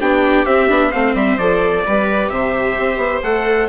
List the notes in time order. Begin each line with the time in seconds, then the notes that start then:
0.00 B3 D4 G4 G5
0.45 C4 E5
0.69 B3 D4
0.90 A3 C4 C5 F5
1.14 G3 E5
1.38 F3 A4 D5
1.86 G3 G4 B4
2.30 C3 C5 E5
2.79 C4
2.97 B3
3.23 A3 A4 F#5